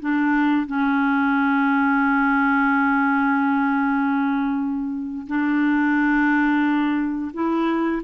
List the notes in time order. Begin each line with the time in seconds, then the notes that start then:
0.00 D4
0.67 C#4
5.27 D4
7.34 E4